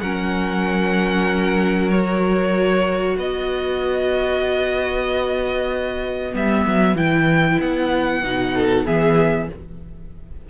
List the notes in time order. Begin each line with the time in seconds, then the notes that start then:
0.00 F#3 C#4 A#4 F#5
1.90 F#4 C#5
3.16 B3 B4 D#5
6.32 G3 B3 E5
6.66 F#3
6.94 E3 E4 G5
7.60 B3 F#5
8.22 B2 D#4
8.54 A4
8.85 E3 B3 G#4 E5